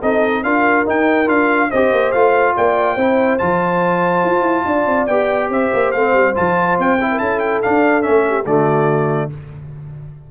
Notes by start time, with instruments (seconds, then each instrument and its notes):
0.00 tuba C4, trombone D#4, horn A4, trumpet D#5
0.42 tuba D4, trombone F4, horn A#4, trumpet F5
0.85 trombone D#4, tuba D#4, trumpet G5
1.26 tuba D4, trombone F4, trumpet F5
1.69 tuba C4, trombone G4, horn C5, trumpet D#5
1.92 tuba A#3
2.12 tuba A3, trombone F4, trumpet F5
2.56 tuba A#3, horn D5, trumpet G5
2.95 tuba C4, trombone E4, horn C5
3.38 tuba F3, trombone F4, trumpet A5
4.23 tuba F4
4.42 tuba E4
4.65 tuba D4, horn D5
4.85 tuba C4
5.06 tuba B3, trombone G4, trumpet G5
5.48 tuba C4, horn C5, trumpet E5
5.74 tuba A#3
5.91 tuba A3, trombone C4, trumpet F5
6.13 tuba G3
6.34 tuba F3, trombone F4, trumpet A5
6.78 tuba C4, trumpet G5
7.00 trombone E4
7.10 horn A#4
7.18 tuba C#4, horn A4, trumpet A5
7.39 trumpet G5
7.62 trombone D4, tuba D4, trumpet F5
8.01 tuba A3, trombone C#4, trumpet E5
8.27 horn G4
8.45 tuba D3, trombone A3, horn F#4, trumpet D5